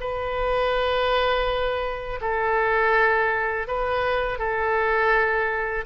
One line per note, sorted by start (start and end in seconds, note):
0.00 2.20 B4
2.21 3.67 A4
3.67 4.38 B4
4.38 5.85 A4